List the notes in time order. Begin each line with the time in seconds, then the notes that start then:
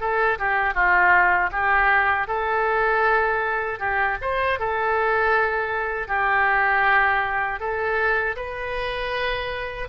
0.00 A4
0.39 G4
0.74 F4
1.52 G4
2.28 A4
3.79 G4
4.22 C5
4.59 A4
6.08 G4
7.60 A4
8.36 B4